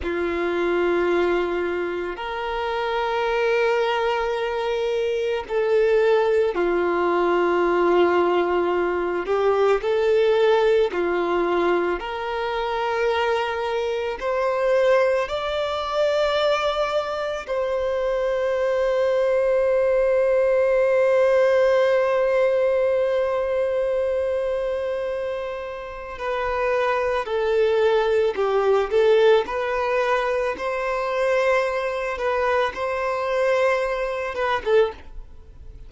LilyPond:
\new Staff \with { instrumentName = "violin" } { \time 4/4 \tempo 4 = 55 f'2 ais'2~ | ais'4 a'4 f'2~ | f'8 g'8 a'4 f'4 ais'4~ | ais'4 c''4 d''2 |
c''1~ | c''1 | b'4 a'4 g'8 a'8 b'4 | c''4. b'8 c''4. b'16 a'16 | }